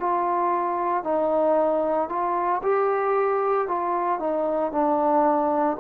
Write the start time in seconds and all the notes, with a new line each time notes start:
0.00 F4
1.04 D#4
2.09 F4
2.63 G4
3.68 F4
4.20 D#4
4.72 D4